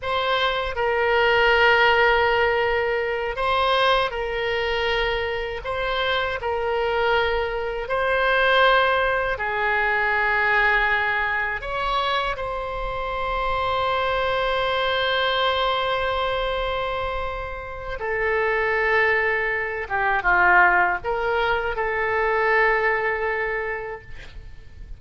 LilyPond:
\new Staff \with { instrumentName = "oboe" } { \time 4/4 \tempo 4 = 80 c''4 ais'2.~ | ais'8 c''4 ais'2 c''8~ | c''8 ais'2 c''4.~ | c''8 gis'2. cis''8~ |
cis''8 c''2.~ c''8~ | c''1 | a'2~ a'8 g'8 f'4 | ais'4 a'2. | }